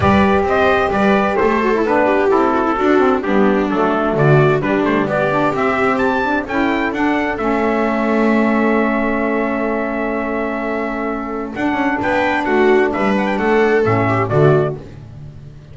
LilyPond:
<<
  \new Staff \with { instrumentName = "trumpet" } { \time 4/4 \tempo 4 = 130 d''4 dis''4 d''4 c''4 | b'4 a'2 g'4 | a'4 d''4 b'8 c''8 d''4 | e''4 a''4 g''4 fis''4 |
e''1~ | e''1~ | e''4 fis''4 g''4 fis''4 | e''8 fis''16 g''16 fis''4 e''4 d''4 | }
  \new Staff \with { instrumentName = "viola" } { \time 4/4 b'4 c''4 b'4 a'4~ | a'8 g'4 fis'16 e'16 fis'4 d'4~ | d'4 fis'4 d'4 g'4~ | g'2 a'2~ |
a'1~ | a'1~ | a'2 b'4 fis'4 | b'4 a'4. g'8 fis'4 | }
  \new Staff \with { instrumentName = "saxophone" } { \time 4/4 g'2.~ g'8 fis'16 e'16 | d'4 e'4 d'8 c'8 b4 | a2 g4. d'8 | c'4. d'8 e'4 d'4 |
cis'1~ | cis'1~ | cis'4 d'2.~ | d'2 cis'4 a4 | }
  \new Staff \with { instrumentName = "double bass" } { \time 4/4 g4 c'4 g4 a4 | b4 c'4 d'4 g4 | fis4 d4 g8 a8 b4 | c'2 cis'4 d'4 |
a1~ | a1~ | a4 d'8 cis'8 b4 a4 | g4 a4 a,4 d4 | }
>>